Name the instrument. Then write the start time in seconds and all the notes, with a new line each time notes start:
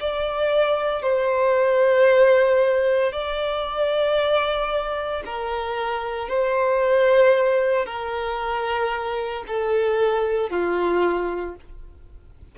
violin
0.00 D5
1.02 C5
3.12 D5
5.25 A#4
6.28 C5
7.86 A#4
9.47 A4
10.50 F4